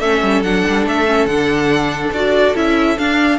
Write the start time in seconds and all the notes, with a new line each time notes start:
0.00 A3 C#4 A4 E5
0.22 G3
0.43 F#3 D4 F#5
0.68 G3
0.87 A3 E5
1.07 C#4
1.26 D3 D4 F#5
2.12 D4 F#4 D5
2.55 C#4 E4 E5
2.98 D4 F5